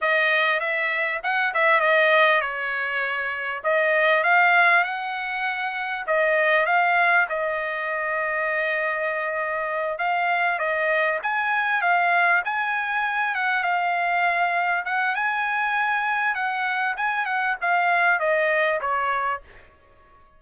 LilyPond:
\new Staff \with { instrumentName = "trumpet" } { \time 4/4 \tempo 4 = 99 dis''4 e''4 fis''8 e''8 dis''4 | cis''2 dis''4 f''4 | fis''2 dis''4 f''4 | dis''1~ |
dis''8 f''4 dis''4 gis''4 f''8~ | f''8 gis''4. fis''8 f''4.~ | f''8 fis''8 gis''2 fis''4 | gis''8 fis''8 f''4 dis''4 cis''4 | }